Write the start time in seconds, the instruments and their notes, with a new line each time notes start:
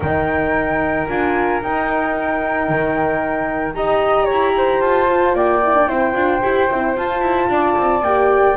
0.00 double bass D#3, horn D#4, flute A#4 G5
1.06 double bass D4, horn F4, flute G#5
1.62 double bass D#4, horn D#4, flute G5
2.69 double bass D#3
3.73 double bass D#4, horn G4, flute D#5 A#5
4.24 flute C#5
4.31 double bass E4
4.57 flute C5
4.80 double bass F4, flute A5
5.09 horn F4
5.33 double bass A#3, flute D5 G5
5.62 horn E4
5.74 horn D4
5.86 double bass C4, horn E4, flute C5
6.13 double bass D4, horn F4
6.42 double bass E4, horn G4
6.70 double bass C4, horn E4
6.95 horn F4, double bass F4, flute A5
7.21 double bass E4
7.48 double bass D4, flute D5
7.77 double bass C4
8.02 double bass A#3, horn G4, flute G5